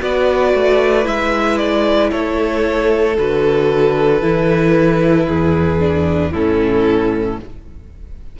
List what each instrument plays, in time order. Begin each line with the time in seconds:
0.00 cello B3, viola F#4, violin B4 D5
0.54 cello A3
1.04 cello G#3, viola E4, violin E5
1.58 violin D5
2.11 cello A3, violin A4 C#5
3.18 cello D3, viola F#4, violin B4
4.22 cello E3, viola E4
5.28 cello E2, violin G#4
5.80 viola D4
6.31 cello A2, viola C#4, violin E4 A4